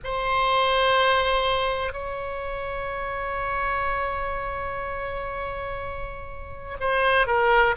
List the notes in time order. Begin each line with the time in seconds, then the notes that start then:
0.04 C5
1.93 C#5
6.80 C5
7.26 A#4